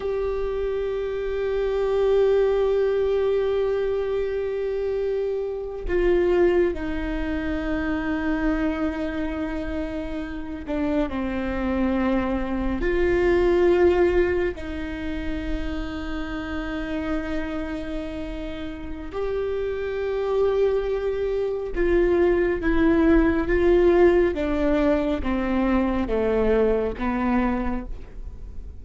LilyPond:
\new Staff \with { instrumentName = "viola" } { \time 4/4 \tempo 4 = 69 g'1~ | g'2~ g'8. f'4 dis'16~ | dis'1~ | dis'16 d'8 c'2 f'4~ f'16~ |
f'8. dis'2.~ dis'16~ | dis'2 g'2~ | g'4 f'4 e'4 f'4 | d'4 c'4 a4 b4 | }